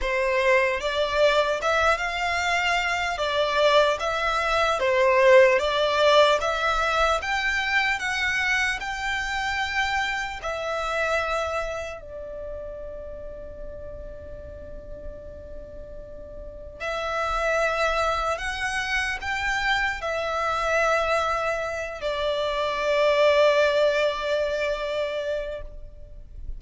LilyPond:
\new Staff \with { instrumentName = "violin" } { \time 4/4 \tempo 4 = 75 c''4 d''4 e''8 f''4. | d''4 e''4 c''4 d''4 | e''4 g''4 fis''4 g''4~ | g''4 e''2 d''4~ |
d''1~ | d''4 e''2 fis''4 | g''4 e''2~ e''8 d''8~ | d''1 | }